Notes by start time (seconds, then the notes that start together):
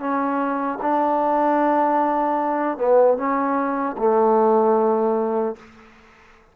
0.00 C#4
0.82 D4
2.78 B3
3.18 C#4
3.98 A3